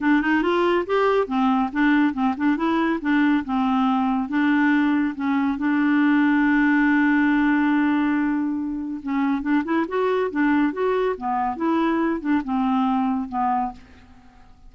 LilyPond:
\new Staff \with { instrumentName = "clarinet" } { \time 4/4 \tempo 4 = 140 d'8 dis'8 f'4 g'4 c'4 | d'4 c'8 d'8 e'4 d'4 | c'2 d'2 | cis'4 d'2.~ |
d'1~ | d'4 cis'4 d'8 e'8 fis'4 | d'4 fis'4 b4 e'4~ | e'8 d'8 c'2 b4 | }